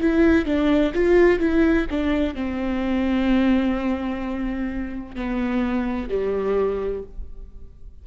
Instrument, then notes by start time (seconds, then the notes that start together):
viola
0.00 E4
0.45 D4
0.94 F4
1.39 E4
1.90 D4
2.34 C4
5.15 B3
6.09 G3